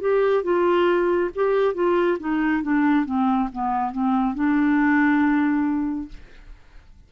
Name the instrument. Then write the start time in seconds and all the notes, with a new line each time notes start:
clarinet
0.00 G4
0.43 F4
1.35 G4
1.74 F4
2.19 D#4
2.63 D4
3.05 C4
3.52 B3
3.92 C4
4.34 D4